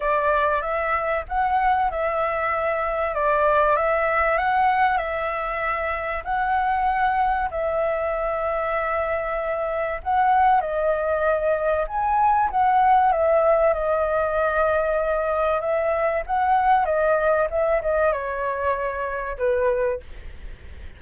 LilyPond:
\new Staff \with { instrumentName = "flute" } { \time 4/4 \tempo 4 = 96 d''4 e''4 fis''4 e''4~ | e''4 d''4 e''4 fis''4 | e''2 fis''2 | e''1 |
fis''4 dis''2 gis''4 | fis''4 e''4 dis''2~ | dis''4 e''4 fis''4 dis''4 | e''8 dis''8 cis''2 b'4 | }